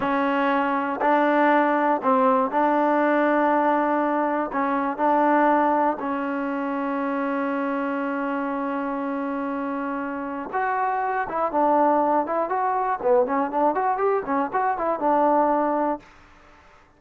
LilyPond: \new Staff \with { instrumentName = "trombone" } { \time 4/4 \tempo 4 = 120 cis'2 d'2 | c'4 d'2.~ | d'4 cis'4 d'2 | cis'1~ |
cis'1~ | cis'4 fis'4. e'8 d'4~ | d'8 e'8 fis'4 b8 cis'8 d'8 fis'8 | g'8 cis'8 fis'8 e'8 d'2 | }